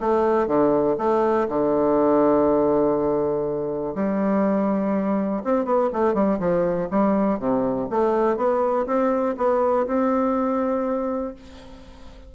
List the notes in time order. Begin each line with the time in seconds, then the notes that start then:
0.00 A3
0.47 D3
0.98 A3
1.49 D3
3.95 G3
5.44 C4
5.65 B3
5.93 A3
6.14 G3
6.39 F3
6.91 G3
7.39 C3
7.90 A3
8.37 B3
8.87 C4
9.37 B3
9.87 C4